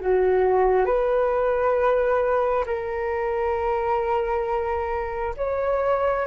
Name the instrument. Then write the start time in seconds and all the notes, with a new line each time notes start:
flute
0.00 F#4
0.85 B4
2.65 A#4
5.36 C#5